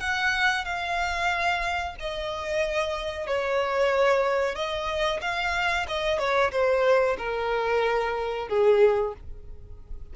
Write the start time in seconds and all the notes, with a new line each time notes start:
0.00 F#5
0.65 F5
2.00 D#5
3.27 C#5
4.55 D#5
5.21 F5
5.88 D#5
6.19 C#5
6.52 C5
7.18 A#4
8.48 G#4